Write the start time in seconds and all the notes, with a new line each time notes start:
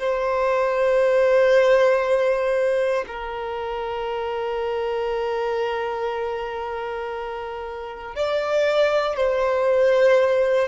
0.00 C5
3.08 A#4
8.16 D5
9.17 C5